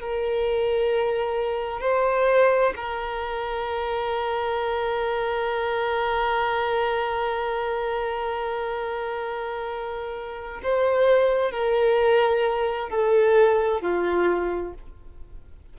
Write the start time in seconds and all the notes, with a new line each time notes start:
0.00 A#4
1.80 C5
2.76 A#4
10.63 C5
11.51 A#4
12.89 A4
13.81 F4